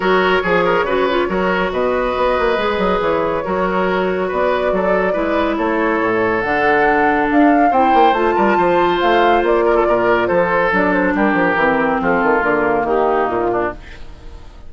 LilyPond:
<<
  \new Staff \with { instrumentName = "flute" } { \time 4/4 \tempo 4 = 140 cis''1 | dis''2. cis''4~ | cis''2 d''2~ | d''4 cis''2 fis''4~ |
fis''4 f''4 g''4 a''4~ | a''4 f''4 d''2 | c''4 d''8 c''8 ais'2 | a'4 ais'4 g'4 f'4 | }
  \new Staff \with { instrumentName = "oboe" } { \time 4/4 ais'4 gis'8 ais'8 b'4 ais'4 | b'1 | ais'2 b'4 a'4 | b'4 a'2.~ |
a'2 c''4. ais'8 | c''2~ c''8 ais'16 a'16 ais'4 | a'2 g'2 | f'2 dis'4. d'8 | }
  \new Staff \with { instrumentName = "clarinet" } { \time 4/4 fis'4 gis'4 fis'8 f'8 fis'4~ | fis'2 gis'2 | fis'1 | e'2. d'4~ |
d'2 e'4 f'4~ | f'1~ | f'4 d'2 c'4~ | c'4 ais2. | }
  \new Staff \with { instrumentName = "bassoon" } { \time 4/4 fis4 f4 cis4 fis4 | b,4 b8 ais8 gis8 fis8 e4 | fis2 b4 fis4 | gis4 a4 a,4 d4~ |
d4 d'4 c'8 ais8 a8 g8 | f4 a4 ais4 ais,4 | f4 fis4 g8 f8 e4 | f8 dis8 d4 dis4 ais,4 | }
>>